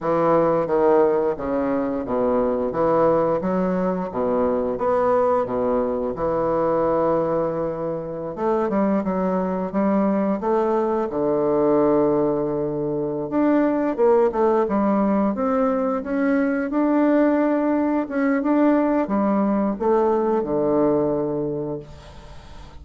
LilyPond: \new Staff \with { instrumentName = "bassoon" } { \time 4/4 \tempo 4 = 88 e4 dis4 cis4 b,4 | e4 fis4 b,4 b4 | b,4 e2.~ | e16 a8 g8 fis4 g4 a8.~ |
a16 d2.~ d16 d'8~ | d'8 ais8 a8 g4 c'4 cis'8~ | cis'8 d'2 cis'8 d'4 | g4 a4 d2 | }